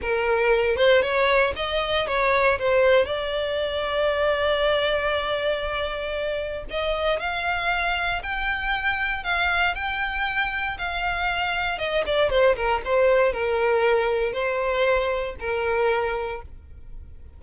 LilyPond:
\new Staff \with { instrumentName = "violin" } { \time 4/4 \tempo 4 = 117 ais'4. c''8 cis''4 dis''4 | cis''4 c''4 d''2~ | d''1~ | d''4 dis''4 f''2 |
g''2 f''4 g''4~ | g''4 f''2 dis''8 d''8 | c''8 ais'8 c''4 ais'2 | c''2 ais'2 | }